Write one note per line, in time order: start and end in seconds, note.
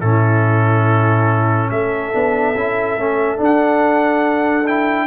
0.00 1.70 A2
0.00 2.13 C#4
0.00 1.69 E4
0.00 1.70 A4
1.70 2.12 A3
1.70 5.07 A4
1.70 3.39 E5
2.13 2.55 B3
2.13 2.55 D4
2.55 2.96 C#4
2.55 2.98 E4
2.96 3.38 A3
2.96 3.37 C#4
3.37 4.64 D4
3.37 5.07 D4
3.44 4.67 F#5
4.67 5.07 E4
4.67 5.07 G5